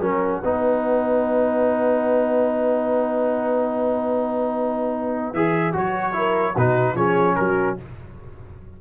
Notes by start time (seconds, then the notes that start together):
0.00 F#3 C#4 A#4 F#5
0.42 B3 D#4 B4
5.33 E3 G#4 E5
5.73 F#3 F#4 C#5
6.13 E4 A#4
6.54 B2 D#4 F#4 B4
6.94 F3 C#4 G#4 C#5
7.36 F#3 F#4 A#4